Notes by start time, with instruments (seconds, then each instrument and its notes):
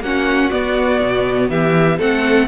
0.00 cello A#3, viola C#4, violin F#4 F#5
0.51 viola B3, cello B3, violin D5
1.02 cello B2
1.49 cello E3, violin G4 E5
1.97 cello A3, viola C4, violin A4 F#5